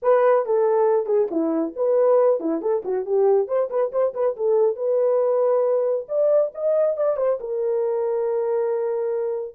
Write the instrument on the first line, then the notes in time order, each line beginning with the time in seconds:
horn
0.02 B4
0.45 A4
1.06 G#4
1.30 E4
1.75 B4
2.40 E4
2.61 A4
2.84 F#4
3.05 G4
3.47 C5
3.70 B4
3.92 C5
4.14 B4
4.36 A4
4.75 B4
6.08 D5
6.54 D#5
6.96 D5
7.16 C5
7.40 A#4